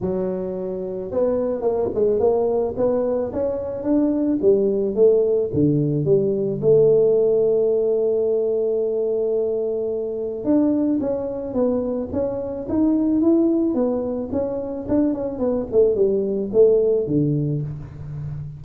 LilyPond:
\new Staff \with { instrumentName = "tuba" } { \time 4/4 \tempo 4 = 109 fis2 b4 ais8 gis8 | ais4 b4 cis'4 d'4 | g4 a4 d4 g4 | a1~ |
a2. d'4 | cis'4 b4 cis'4 dis'4 | e'4 b4 cis'4 d'8 cis'8 | b8 a8 g4 a4 d4 | }